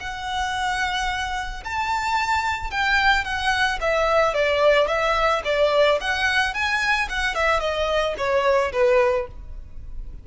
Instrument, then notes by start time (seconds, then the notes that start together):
violin
0.00 F#5
1.64 A5
2.71 G5
3.24 F#5
3.81 E5
4.34 D5
4.87 E5
5.44 D5
6.01 F#5
6.54 G#5
7.09 F#5
7.35 E5
7.60 D#5
8.17 C#5
8.72 B4